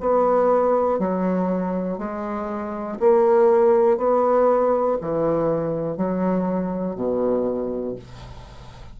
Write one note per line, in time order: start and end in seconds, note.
0.00 0.99 B3
0.99 1.98 F#3
1.98 2.98 G#3
3.00 3.97 A#3
3.97 4.97 B3
5.01 5.97 E3
5.97 6.95 F#3
6.95 7.95 B2